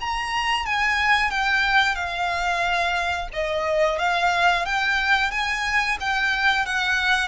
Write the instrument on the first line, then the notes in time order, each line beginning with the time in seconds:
violin
0.00 A#5
0.65 G#5
1.31 G5
1.95 F5
3.33 D#5
3.98 F5
4.65 G5
5.31 G#5
6.00 G5
6.66 F#5